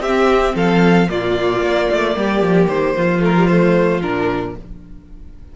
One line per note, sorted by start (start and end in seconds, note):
0.00 0.53 C4
0.00 0.55 G4
0.00 0.55 E5
0.06 1.09 C4
0.55 1.09 F3
0.55 1.08 A4
0.55 1.10 F5
1.09 1.62 A#2
1.09 3.21 A#3
1.09 2.16 F4
1.09 2.69 D5
1.62 1.89 A#3
1.91 2.16 A3
2.16 2.41 G3
2.16 2.96 G4
2.41 2.68 F3
2.68 2.95 D#3
2.68 3.22 C5
2.96 4.03 F3
2.96 4.56 F4
3.21 3.34 A3
3.21 3.47 A#4
3.37 3.49 G3
3.47 4.02 A3
3.47 4.00 C5
4.02 4.56 A#2
4.02 4.56 D4
4.02 4.55 A#4